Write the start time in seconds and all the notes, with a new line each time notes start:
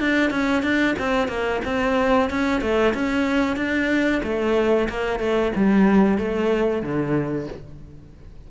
0.00 D4
0.30 C#4
0.63 D4
0.99 C4
1.28 A#3
1.65 C4
2.30 C#4
2.61 A3
2.94 C#4
3.56 D4
4.23 A3
4.89 A#3
5.19 A3
5.55 G3
6.18 A3
6.82 D3